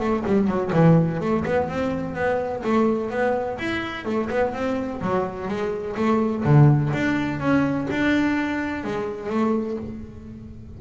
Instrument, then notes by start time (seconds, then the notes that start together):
double bass
0.00 A3
0.26 G3
0.48 F#3
0.73 E3
1.21 A3
1.46 B3
1.69 C4
2.15 B3
2.64 A3
3.11 B3
3.59 E4
4.06 A3
4.30 B3
4.54 C4
5.02 F#3
5.48 G#3
5.97 A3
6.45 D3
6.94 D4
7.40 C#4
7.91 D4
8.84 G#3
9.30 A3